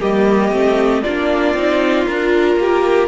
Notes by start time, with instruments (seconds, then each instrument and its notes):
0.00 cello G3, viola A#3, violin G4 D#5
0.51 cello A3, viola C4
1.03 cello A#3, viola D4, violin F4 D5
1.54 cello C4, viola D#4
2.06 cello D4, viola F4, violin A#4
2.56 cello A#3, violin G4